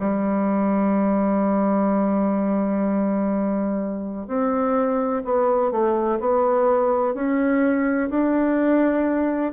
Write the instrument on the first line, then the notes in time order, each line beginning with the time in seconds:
bassoon
0.00 G3
4.28 C4
5.25 B3
5.71 A3
6.20 B3
7.14 C#4
8.10 D4